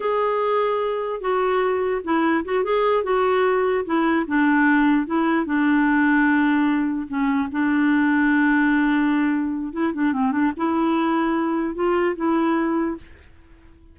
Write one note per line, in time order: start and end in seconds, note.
0.00 1.20 G#4
1.20 2.01 F#4
2.04 2.44 E4
2.44 2.64 F#4
2.64 3.03 G#4
3.03 3.84 F#4
3.85 4.25 E4
4.27 5.06 D4
5.06 5.45 E4
5.45 7.07 D4
7.08 7.48 C#4
7.51 9.72 D4
9.72 9.93 E4
9.93 10.12 D4
10.12 10.31 C4
10.31 10.51 D4
10.56 11.75 E4
11.75 12.15 F4
12.16 12.97 E4